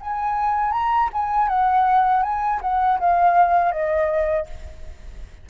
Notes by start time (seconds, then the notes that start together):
0.00 G#5
0.71 A#5
1.12 G#5
1.48 F#5
2.22 G#5
2.61 F#5
2.99 F5
3.71 D#5